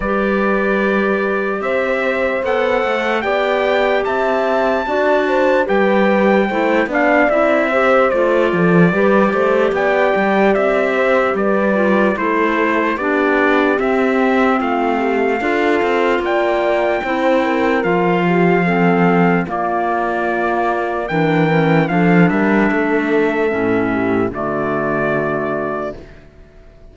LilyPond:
<<
  \new Staff \with { instrumentName = "trumpet" } { \time 4/4 \tempo 4 = 74 d''2 e''4 fis''4 | g''4 a''2 g''4~ | g''8 f''8 e''4 d''2 | g''4 e''4 d''4 c''4 |
d''4 e''4 f''2 | g''2 f''2 | d''2 g''4 f''8 e''8~ | e''2 d''2 | }
  \new Staff \with { instrumentName = "horn" } { \time 4/4 b'2 c''2 | d''4 e''4 d''8 c''8 b'4 | c''8 d''4 c''4 a'8 b'8 c''8 | d''4. c''8 b'4 a'4 |
g'2 f'8 g'8 a'4 | d''4 c''8 ais'4 g'8 a'4 | f'2 ais'4 a'8 ais'8 | a'4. g'8 fis'2 | }
  \new Staff \with { instrumentName = "clarinet" } { \time 4/4 g'2. a'4 | g'2 fis'4 g'4 | e'8 d'8 e'8 g'8 f'4 g'4~ | g'2~ g'8 f'8 e'4 |
d'4 c'2 f'4~ | f'4 e'4 f'4 c'4 | ais2 d'8 cis'8 d'4~ | d'4 cis'4 a2 | }
  \new Staff \with { instrumentName = "cello" } { \time 4/4 g2 c'4 b8 a8 | b4 c'4 d'4 g4 | a8 b8 c'4 a8 f8 g8 a8 | b8 g8 c'4 g4 a4 |
b4 c'4 a4 d'8 c'8 | ais4 c'4 f2 | ais2 e4 f8 g8 | a4 a,4 d2 | }
>>